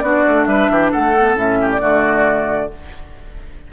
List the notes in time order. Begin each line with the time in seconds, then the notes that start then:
0.00 B3 D4 F#4 D5
0.28 A3
0.46 G3 B4 E5
0.70 E3 G4
0.92 A3 A4 F#5
1.18 B3
1.35 A2 C#4 E5
1.61 G4
1.72 D5
1.79 D3 A3 F#4